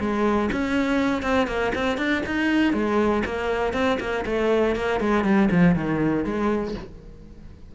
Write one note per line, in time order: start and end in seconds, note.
0.00 0.50 G#3
0.52 1.23 C#4
1.23 1.47 C4
1.47 1.72 A#3
1.75 1.98 C4
1.98 2.23 D4
2.26 2.73 D#4
2.73 3.23 G#3
3.25 3.73 A#3
3.73 3.98 C4
4.00 4.25 A#3
4.26 4.76 A3
4.76 5.01 A#3
5.01 5.24 G#3
5.24 5.49 G3
5.51 5.75 F3
5.75 6.25 D#3
6.25 6.75 G#3